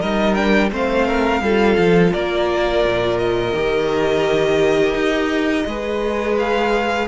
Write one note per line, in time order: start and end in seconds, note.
0.00 0.72 G3
0.00 0.36 D#4
0.00 0.71 A#4
0.00 0.34 D#5
0.34 0.71 D4
0.34 0.70 G5
0.72 1.41 A3
0.72 1.42 C4
0.72 1.07 C5
0.72 2.13 F5
1.07 1.42 A#4
1.41 1.77 G3
1.41 3.54 F4
1.41 2.13 A4
1.78 2.13 F3
2.13 2.84 A#3
2.13 5.66 A#4
2.13 3.18 D5
2.84 3.53 A#2
3.18 6.36 D#5
3.53 4.94 D#3
3.53 5.66 G4
4.94 5.65 D#4
5.66 7.07 G#3
5.66 7.07 G#4
5.66 7.07 B4
6.39 7.07 F5